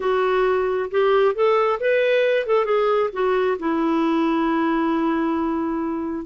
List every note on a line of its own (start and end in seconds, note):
0.00 0.90 F#4
0.91 1.34 G4
1.34 1.79 A4
1.80 2.46 B4
2.46 2.65 A4
2.65 3.10 G#4
3.12 3.57 F#4
3.59 6.25 E4